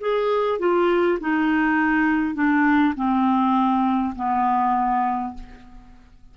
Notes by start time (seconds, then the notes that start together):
0.00 G#4
0.59 F4
1.20 D#4
2.35 D4
2.95 C4
4.15 B3